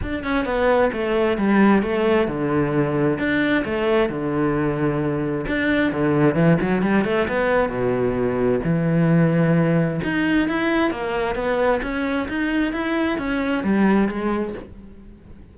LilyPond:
\new Staff \with { instrumentName = "cello" } { \time 4/4 \tempo 4 = 132 d'8 cis'8 b4 a4 g4 | a4 d2 d'4 | a4 d2. | d'4 d4 e8 fis8 g8 a8 |
b4 b,2 e4~ | e2 dis'4 e'4 | ais4 b4 cis'4 dis'4 | e'4 cis'4 g4 gis4 | }